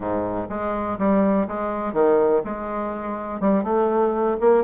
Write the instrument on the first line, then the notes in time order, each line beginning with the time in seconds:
bassoon
0.00 G#2
0.49 G#3
0.98 G3
1.47 G#3
1.93 D#3
2.44 G#3
3.40 G3
3.63 A3
4.40 A#3